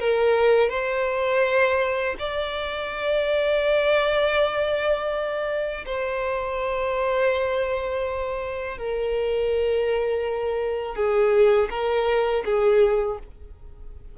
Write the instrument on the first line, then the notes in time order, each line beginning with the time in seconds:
violin
0.00 A#4
0.70 C5
2.19 D5
5.86 C5
8.78 A#4
10.96 G#4
11.70 A#4
12.45 G#4